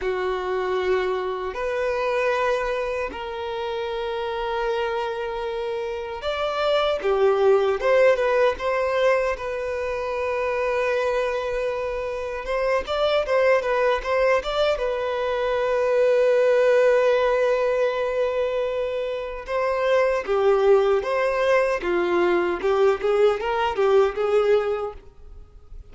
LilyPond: \new Staff \with { instrumentName = "violin" } { \time 4/4 \tempo 4 = 77 fis'2 b'2 | ais'1 | d''4 g'4 c''8 b'8 c''4 | b'1 |
c''8 d''8 c''8 b'8 c''8 d''8 b'4~ | b'1~ | b'4 c''4 g'4 c''4 | f'4 g'8 gis'8 ais'8 g'8 gis'4 | }